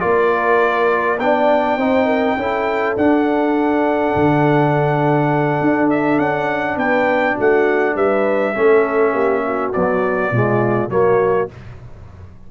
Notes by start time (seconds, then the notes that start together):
0.00 A#3 F4 A#4 D5
1.20 B3 D4 D5 G5
1.78 C4 D#4 C5
2.06 A#4
2.37 C#4 E4 A4
2.97 D4 F#5
4.16 D3
5.61 D4
5.91 E5
6.18 C#4 F#5
6.77 B3 B4 G5
7.35 A3 F#4 F#5
7.95 G3 B4 E5
8.56 A3 C#4 A4
9.13 A#3 G4
9.47 F#4
9.73 F#3 B3 D5
10.32 B2 G#3 F4
10.90 F#3 A#3 F#4 C#5